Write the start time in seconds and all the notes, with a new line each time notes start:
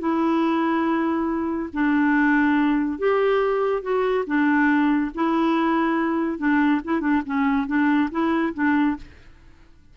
0.00 E4
1.73 D4
2.99 G4
3.83 F#4
4.27 D4
5.15 E4
6.39 D4
6.85 E4
7.01 D4
7.26 C#4
7.67 D4
8.11 E4
8.54 D4